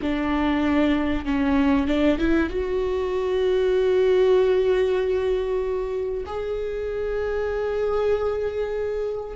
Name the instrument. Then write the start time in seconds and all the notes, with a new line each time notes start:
viola
0.02 D4
1.25 C#4
1.87 D4
2.18 E4
2.49 F#4
6.26 G#4